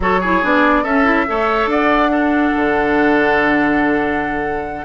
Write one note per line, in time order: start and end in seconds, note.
0.00 0.42 F#3
0.00 0.22 F#4
0.00 0.20 A4
0.00 0.44 C#5
0.20 0.42 E4
0.20 0.83 G#4
0.42 0.84 B3
0.42 0.85 D4
0.42 0.84 D5
0.83 1.26 C#4
0.83 1.04 C#4
0.83 1.25 A4
0.83 1.68 E5
1.04 1.25 E4
1.27 1.66 A3
1.27 2.09 A4
1.27 1.70 C#5
1.66 2.51 D4
1.66 2.10 D5
1.66 4.85 F#5
2.09 4.84 D4
2.09 4.85 A4
2.56 4.85 D3